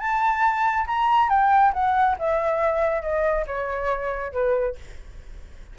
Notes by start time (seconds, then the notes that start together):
0.00 A5
0.88 A#5
1.30 G5
1.74 F#5
2.19 E5
3.03 D#5
3.47 C#5
4.33 B4